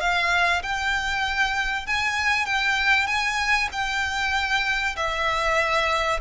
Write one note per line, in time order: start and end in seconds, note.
0.00 0.62 F5
0.62 1.86 G5
1.86 2.46 G#5
2.46 3.06 G5
3.06 3.68 G#5
3.72 4.96 G5
4.96 6.19 E5